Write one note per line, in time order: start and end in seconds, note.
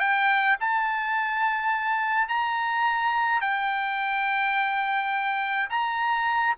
0.00 0.57 G5
0.61 2.29 A5
2.29 3.41 A#5
3.41 5.70 G5
5.70 6.56 A#5